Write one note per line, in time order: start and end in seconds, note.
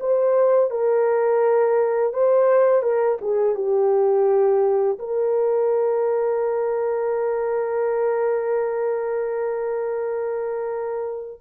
0.00 0.70 C5
0.70 2.13 A#4
2.13 2.82 C5
2.82 3.18 A#4
3.21 3.56 G#4
3.56 4.98 G4
4.99 11.41 A#4